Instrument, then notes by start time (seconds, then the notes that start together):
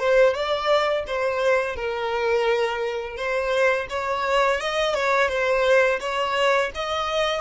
violin
0.00 C5
0.34 D5
1.07 C5
1.76 A#4
3.17 C5
3.90 C#5
4.60 D#5
4.95 C#5
5.29 C5
6.00 C#5
6.75 D#5